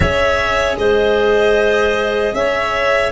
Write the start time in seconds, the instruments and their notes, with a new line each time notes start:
0.00 tuba C#4, cello G#4, clarinet C#5, violin E5
0.76 tuba G#3, clarinet C5, violin D#5
2.33 tuba C#4, clarinet C#5, violin E5